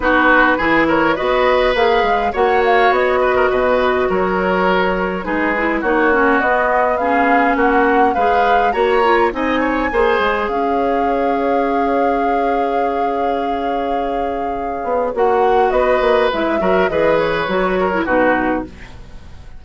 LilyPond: <<
  \new Staff \with { instrumentName = "flute" } { \time 4/4 \tempo 4 = 103 b'4. cis''8 dis''4 f''4 | fis''8 f''8 dis''2 cis''4~ | cis''4 b'4 cis''4 dis''4 | f''4 fis''4 f''4 ais''4 |
gis''2 f''2~ | f''1~ | f''2 fis''4 dis''4 | e''4 dis''8 cis''4. b'4 | }
  \new Staff \with { instrumentName = "oboe" } { \time 4/4 fis'4 gis'8 ais'8 b'2 | cis''4. b'16 ais'16 b'4 ais'4~ | ais'4 gis'4 fis'2 | gis'4 fis'4 b'4 cis''4 |
dis''8 cis''8 c''4 cis''2~ | cis''1~ | cis''2. b'4~ | b'8 ais'8 b'4. ais'8 fis'4 | }
  \new Staff \with { instrumentName = "clarinet" } { \time 4/4 dis'4 e'4 fis'4 gis'4 | fis'1~ | fis'4 dis'8 e'8 dis'8 cis'8 b4 | cis'2 gis'4 fis'8 f'8 |
dis'4 gis'2.~ | gis'1~ | gis'2 fis'2 | e'8 fis'8 gis'4 fis'8. e'16 dis'4 | }
  \new Staff \with { instrumentName = "bassoon" } { \time 4/4 b4 e4 b4 ais8 gis8 | ais4 b4 b,4 fis4~ | fis4 gis4 ais4 b4~ | b4 ais4 gis4 ais4 |
c'4 ais8 gis8 cis'2~ | cis'1~ | cis'4. b8 ais4 b8 ais8 | gis8 fis8 e4 fis4 b,4 | }
>>